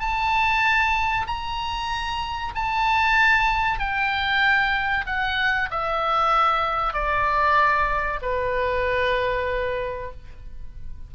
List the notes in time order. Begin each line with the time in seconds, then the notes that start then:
0.00 A5
1.27 A#5
2.55 A5
3.79 G5
5.06 F#5
5.71 E5
6.94 D5
8.22 B4